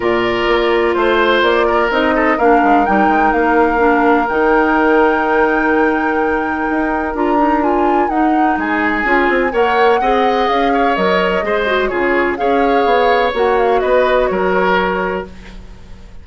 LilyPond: <<
  \new Staff \with { instrumentName = "flute" } { \time 4/4 \tempo 4 = 126 d''2 c''4 d''4 | dis''4 f''4 g''4 f''4~ | f''4 g''2.~ | g''2. ais''4 |
gis''4 fis''4 gis''2 | fis''2 f''4 dis''4~ | dis''4 cis''4 f''2 | fis''8 f''8 dis''4 cis''2 | }
  \new Staff \with { instrumentName = "oboe" } { \time 4/4 ais'2 c''4. ais'8~ | ais'8 a'8 ais'2.~ | ais'1~ | ais'1~ |
ais'2 gis'2 | cis''4 dis''4. cis''4. | c''4 gis'4 cis''2~ | cis''4 b'4 ais'2 | }
  \new Staff \with { instrumentName = "clarinet" } { \time 4/4 f'1 | dis'4 d'4 dis'2 | d'4 dis'2.~ | dis'2. f'8 dis'8 |
f'4 dis'2 f'4 | ais'4 gis'2 ais'4 | gis'8 fis'8 f'4 gis'2 | fis'1 | }
  \new Staff \with { instrumentName = "bassoon" } { \time 4/4 ais,4 ais4 a4 ais4 | c'4 ais8 gis8 g8 gis8 ais4~ | ais4 dis2.~ | dis2 dis'4 d'4~ |
d'4 dis'4 gis4 cis'8 c'8 | ais4 c'4 cis'4 fis4 | gis4 cis4 cis'4 b4 | ais4 b4 fis2 | }
>>